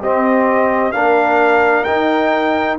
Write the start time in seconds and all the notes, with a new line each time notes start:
0.00 C4 G4 D#5
0.92 A#3 D4 A#4 F5
1.84 D#4 G5